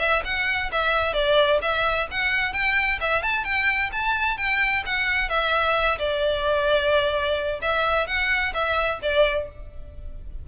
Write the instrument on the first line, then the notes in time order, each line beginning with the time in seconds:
violin
0.00 E5
0.25 F#5
0.72 E5
1.14 D5
1.62 E5
2.11 F#5
2.53 G5
3.01 E5
3.23 A5
3.45 G5
3.93 A5
4.38 G5
4.86 F#5
5.30 E5
5.99 D5
7.62 E5
8.07 F#5
8.54 E5
9.03 D5